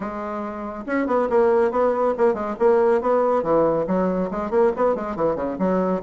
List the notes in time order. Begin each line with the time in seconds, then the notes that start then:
0.00 G#3
0.86 C#4
1.06 B3
1.29 A#3
1.71 B3
2.17 A#3
2.34 G#3
2.59 A#3
3.01 B3
3.42 E3
3.87 F#3
4.31 G#3
4.50 A#3
4.76 B3
4.95 G#3
5.16 E3
5.35 C#3
5.58 F#3